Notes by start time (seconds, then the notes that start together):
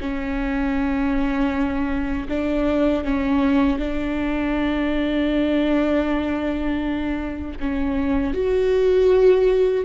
0.00 C#4
2.29 D4
3.04 C#4
3.79 D4
7.60 C#4
8.34 F#4